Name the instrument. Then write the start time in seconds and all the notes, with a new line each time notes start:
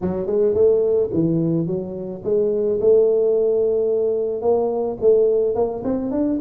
tuba
0.01 F#3
0.26 G#3
0.54 A3
1.13 E3
1.66 F#3
2.24 G#3
2.80 A3
4.41 A#3
5.01 A3
5.55 A#3
5.84 C4
6.11 D4